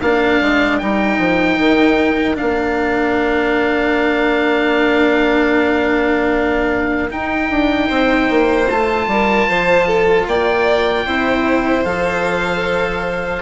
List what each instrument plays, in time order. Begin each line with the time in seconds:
0.00 bassoon A#3, cello D4, violin A#4, oboe F5
0.41 bassoon G#3
0.78 bassoon G3, cello D#4, oboe G5
1.18 bassoon F3
1.58 bassoon D#3
2.35 cello D4, oboe F5
2.41 bassoon A#3
7.09 cello D#4, bassoon D#4, oboe G5
7.50 bassoon D4
7.88 bassoon C4, violin C5
8.30 bassoon A#3
8.70 bassoon A3, cello F4, oboe A5
9.07 bassoon G3, violin A#4
9.49 bassoon F3, violin C5
9.87 violin A4
10.27 bassoon A#3, violin D5, oboe G5
11.06 bassoon C4, cello E4, violin C5
11.84 bassoon F3, cello A4, oboe F5